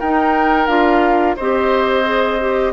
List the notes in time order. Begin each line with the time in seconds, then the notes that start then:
0.00 D#4 A#4 G5
0.67 D4 F4 F5
1.37 C4 G4 C5 D#5
2.05 G#4
2.40 G4